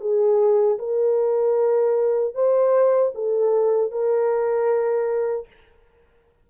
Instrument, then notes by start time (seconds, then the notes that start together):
horn
0.00 G#4
0.78 A#4
2.34 C5
3.15 A4
3.91 A#4